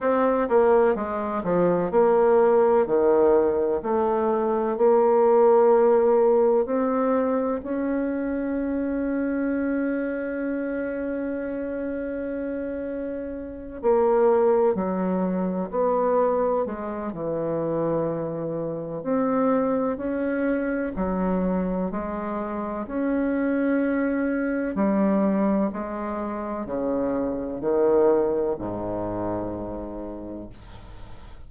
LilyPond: \new Staff \with { instrumentName = "bassoon" } { \time 4/4 \tempo 4 = 63 c'8 ais8 gis8 f8 ais4 dis4 | a4 ais2 c'4 | cis'1~ | cis'2~ cis'8 ais4 fis8~ |
fis8 b4 gis8 e2 | c'4 cis'4 fis4 gis4 | cis'2 g4 gis4 | cis4 dis4 gis,2 | }